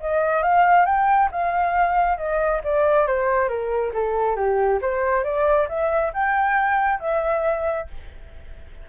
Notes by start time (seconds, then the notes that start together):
0.00 D#5
0.42 F5
0.85 G5
1.31 F5
2.17 D#5
2.63 D5
3.07 C5
3.48 A#4
3.93 A4
4.36 G4
4.81 C5
5.24 D5
5.69 E5
6.13 G5
6.99 E5